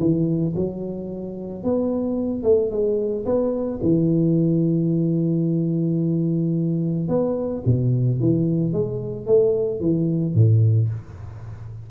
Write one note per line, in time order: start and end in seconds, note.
0.00 0.55 E3
0.56 1.64 F#3
1.64 2.44 B3
2.44 2.71 A3
2.71 3.26 G#3
3.26 3.80 B3
3.83 7.09 E3
7.09 7.63 B3
7.66 8.20 B2
8.20 8.73 E3
8.73 9.27 G#3
9.27 9.81 A3
9.81 10.35 E3
10.35 10.89 A2